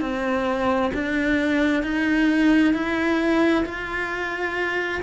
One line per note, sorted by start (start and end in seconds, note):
0.00 0.91 C4
0.93 1.83 D4
1.83 2.74 D#4
2.74 3.64 E4
3.65 5.01 F4